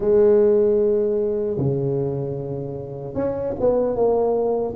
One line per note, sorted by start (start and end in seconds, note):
0.00 1.57 G#3
1.57 3.14 C#3
3.14 3.53 C#4
3.60 3.95 B3
3.95 4.74 A#3